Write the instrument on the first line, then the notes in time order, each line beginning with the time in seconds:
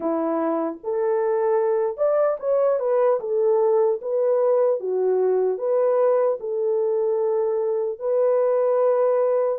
horn
0.00 E4
0.83 A4
1.97 D5
2.39 C#5
2.79 B4
3.20 A4
4.01 B4
4.80 F#4
5.57 B4
6.40 A4
7.99 B4